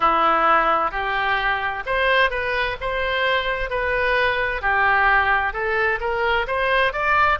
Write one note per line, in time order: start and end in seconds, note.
0.00 0.91 E4
0.91 1.83 G4
1.85 2.30 C5
2.30 2.76 B4
2.80 3.70 C5
3.70 4.61 B4
4.61 5.53 G4
5.53 5.99 A4
6.00 6.46 A#4
6.47 6.92 C5
6.92 7.38 D5